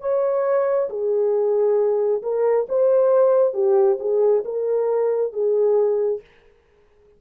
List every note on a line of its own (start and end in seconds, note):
0.00 0.88 C#5
0.89 2.22 G#4
2.22 2.66 A#4
2.69 3.53 C5
3.53 3.97 G4
3.99 4.43 G#4
4.45 5.32 A#4
5.32 6.20 G#4